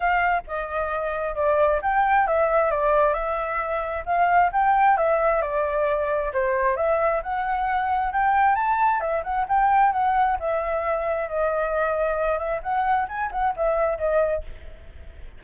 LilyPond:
\new Staff \with { instrumentName = "flute" } { \time 4/4 \tempo 4 = 133 f''4 dis''2 d''4 | g''4 e''4 d''4 e''4~ | e''4 f''4 g''4 e''4 | d''2 c''4 e''4 |
fis''2 g''4 a''4 | e''8 fis''8 g''4 fis''4 e''4~ | e''4 dis''2~ dis''8 e''8 | fis''4 gis''8 fis''8 e''4 dis''4 | }